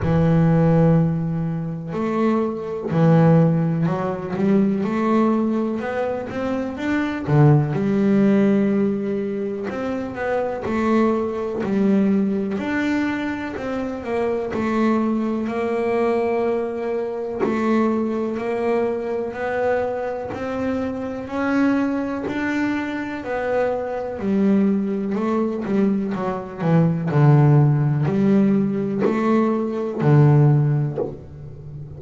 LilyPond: \new Staff \with { instrumentName = "double bass" } { \time 4/4 \tempo 4 = 62 e2 a4 e4 | fis8 g8 a4 b8 c'8 d'8 d8 | g2 c'8 b8 a4 | g4 d'4 c'8 ais8 a4 |
ais2 a4 ais4 | b4 c'4 cis'4 d'4 | b4 g4 a8 g8 fis8 e8 | d4 g4 a4 d4 | }